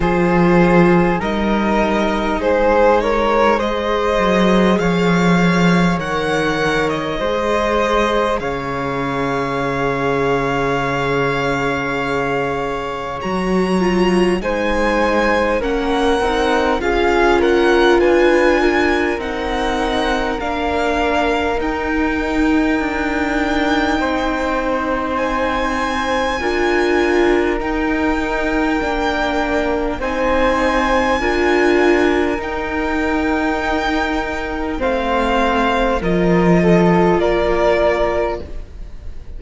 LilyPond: <<
  \new Staff \with { instrumentName = "violin" } { \time 4/4 \tempo 4 = 50 c''4 dis''4 c''8 cis''8 dis''4 | f''4 fis''8. dis''4~ dis''16 f''4~ | f''2. ais''4 | gis''4 fis''4 f''8 fis''8 gis''4 |
fis''4 f''4 g''2~ | g''4 gis''2 g''4~ | g''4 gis''2 g''4~ | g''4 f''4 dis''4 d''4 | }
  \new Staff \with { instrumentName = "flute" } { \time 4/4 gis'4 ais'4 gis'8 ais'8 c''4 | cis''2 c''4 cis''4~ | cis''1 | c''4 ais'4 gis'8 ais'8 b'8 ais'8~ |
ais'1 | c''2 ais'2~ | ais'4 c''4 ais'2~ | ais'4 c''4 ais'8 a'8 ais'4 | }
  \new Staff \with { instrumentName = "viola" } { \time 4/4 f'4 dis'2 gis'4~ | gis'4 ais'4 gis'2~ | gis'2. fis'8 f'8 | dis'4 cis'8 dis'8 f'2 |
dis'4 d'4 dis'2~ | dis'2 f'4 dis'4 | d'4 dis'4 f'4 dis'4~ | dis'4 c'4 f'2 | }
  \new Staff \with { instrumentName = "cello" } { \time 4/4 f4 g4 gis4. fis8 | f4 dis4 gis4 cis4~ | cis2. fis4 | gis4 ais8 c'8 cis'4 d'4 |
c'4 ais4 dis'4 d'4 | c'2 d'4 dis'4 | ais4 c'4 d'4 dis'4~ | dis'4 a4 f4 ais4 | }
>>